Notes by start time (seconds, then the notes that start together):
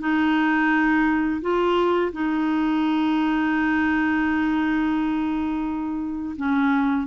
0.00 D#4
1.42 F4
2.13 D#4
6.37 C#4